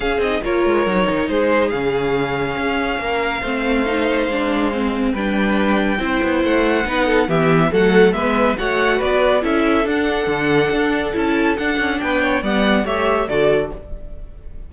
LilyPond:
<<
  \new Staff \with { instrumentName = "violin" } { \time 4/4 \tempo 4 = 140 f''8 dis''8 cis''2 c''4 | f''1~ | f''1 | g''2. fis''4~ |
fis''4 e''4 fis''4 e''4 | fis''4 d''4 e''4 fis''4~ | fis''2 a''4 fis''4 | g''4 fis''4 e''4 d''4 | }
  \new Staff \with { instrumentName = "violin" } { \time 4/4 gis'4 ais'2 gis'4~ | gis'2. ais'4 | c''1 | b'2 c''2 |
b'8 a'8 g'4 a'4 b'4 | cis''4 b'4 a'2~ | a'1 | b'8 cis''8 d''4 cis''4 a'4 | }
  \new Staff \with { instrumentName = "viola" } { \time 4/4 cis'8 dis'8 f'4 dis'2 | cis'1 | c'4 dis'4 d'4 c'4 | d'2 e'2 |
dis'4 b4 a4 b4 | fis'2 e'4 d'4~ | d'2 e'4 d'4~ | d'4 b4 g'4 fis'4 | }
  \new Staff \with { instrumentName = "cello" } { \time 4/4 cis'8 c'8 ais8 gis8 fis8 dis8 gis4 | cis2 cis'4 ais4 | a2 gis2 | g2 c'8 b8 a4 |
b4 e4 fis4 gis4 | a4 b4 cis'4 d'4 | d4 d'4 cis'4 d'8 cis'8 | b4 g4 a4 d4 | }
>>